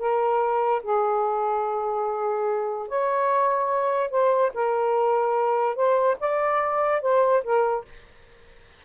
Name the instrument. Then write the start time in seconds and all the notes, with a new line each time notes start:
saxophone
0.00 A#4
0.83 G#4
2.89 C#5
4.11 C5
4.55 A#4
5.76 C5
6.21 D5
7.02 C5
7.44 A#4